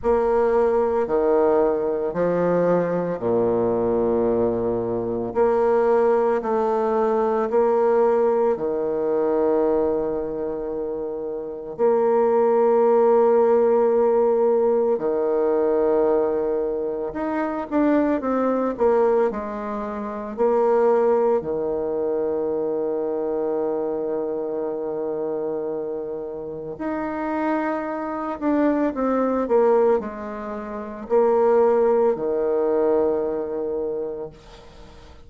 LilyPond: \new Staff \with { instrumentName = "bassoon" } { \time 4/4 \tempo 4 = 56 ais4 dis4 f4 ais,4~ | ais,4 ais4 a4 ais4 | dis2. ais4~ | ais2 dis2 |
dis'8 d'8 c'8 ais8 gis4 ais4 | dis1~ | dis4 dis'4. d'8 c'8 ais8 | gis4 ais4 dis2 | }